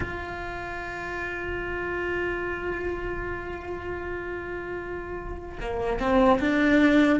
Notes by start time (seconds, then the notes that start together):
0.00 F4
5.60 A#3
5.99 C4
6.40 D4